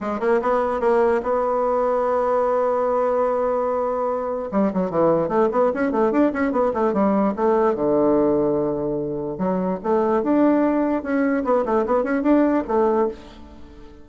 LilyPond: \new Staff \with { instrumentName = "bassoon" } { \time 4/4 \tempo 4 = 147 gis8 ais8 b4 ais4 b4~ | b1~ | b2. g8 fis8 | e4 a8 b8 cis'8 a8 d'8 cis'8 |
b8 a8 g4 a4 d4~ | d2. fis4 | a4 d'2 cis'4 | b8 a8 b8 cis'8 d'4 a4 | }